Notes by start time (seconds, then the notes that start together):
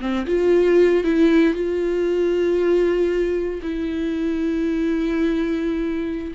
0.00 C4
0.27 F4
1.04 E4
1.54 F4
3.63 E4